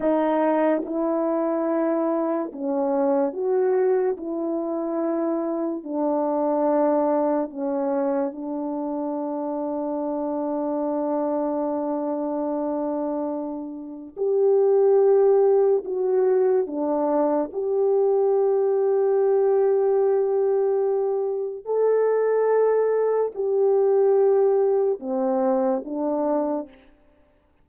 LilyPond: \new Staff \with { instrumentName = "horn" } { \time 4/4 \tempo 4 = 72 dis'4 e'2 cis'4 | fis'4 e'2 d'4~ | d'4 cis'4 d'2~ | d'1~ |
d'4 g'2 fis'4 | d'4 g'2.~ | g'2 a'2 | g'2 c'4 d'4 | }